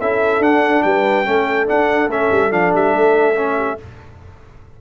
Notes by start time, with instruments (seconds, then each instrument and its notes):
0.00 tuba C#4, trombone E4, horn A4, trumpet E5
0.39 tuba D4, trombone D4, trumpet F#5
0.83 tuba G3, horn B4, trumpet G5
1.25 tuba A3, trombone C#4, horn A4
1.66 trombone D4, tuba D4, trumpet F#5
2.07 tuba A3, trombone C#4, trumpet E5
2.31 tuba G3
2.51 tuba F3, trombone D4, trumpet F5
2.75 tuba G3, trumpet E5
2.93 tuba A3
3.35 trombone C#4
3.56 horn G4